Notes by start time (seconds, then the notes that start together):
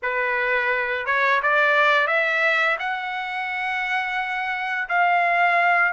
0.02 B4
1.06 C#5
1.42 D5
2.07 E5
2.79 F#5
4.88 F5